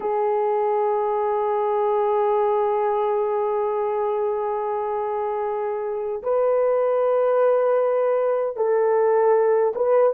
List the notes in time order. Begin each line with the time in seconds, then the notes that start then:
0.00 G#4
6.22 B4
8.56 A4
9.75 B4